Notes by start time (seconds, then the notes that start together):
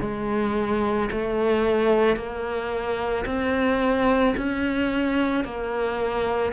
0.00 G#3
1.11 A3
2.16 A#3
3.25 C4
4.36 C#4
5.44 A#3